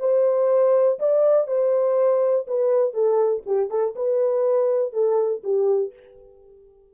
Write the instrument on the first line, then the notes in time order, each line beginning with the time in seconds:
horn
0.00 C5
0.99 D5
1.47 C5
2.47 B4
2.94 A4
3.46 G4
3.70 A4
3.96 B4
4.93 A4
5.44 G4